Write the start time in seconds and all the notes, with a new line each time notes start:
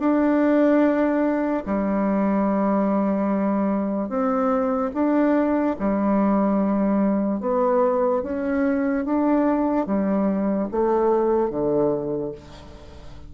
0.00 D4
1.66 G3
4.09 C4
4.94 D4
5.79 G3
7.41 B3
8.23 C#4
9.05 D4
9.87 G3
10.72 A3
11.50 D3